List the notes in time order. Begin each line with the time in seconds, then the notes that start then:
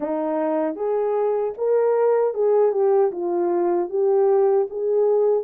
0.00 D#4
0.75 G#4
1.57 A#4
2.34 G#4
2.72 G4
3.11 F4
3.89 G4
4.70 G#4